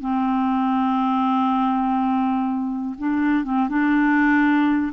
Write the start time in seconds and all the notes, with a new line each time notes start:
0.00 C4
2.98 D4
3.44 C4
3.69 D4